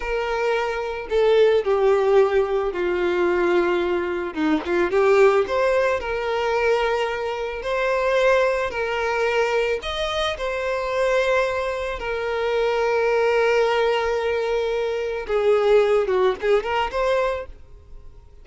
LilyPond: \new Staff \with { instrumentName = "violin" } { \time 4/4 \tempo 4 = 110 ais'2 a'4 g'4~ | g'4 f'2. | dis'8 f'8 g'4 c''4 ais'4~ | ais'2 c''2 |
ais'2 dis''4 c''4~ | c''2 ais'2~ | ais'1 | gis'4. fis'8 gis'8 ais'8 c''4 | }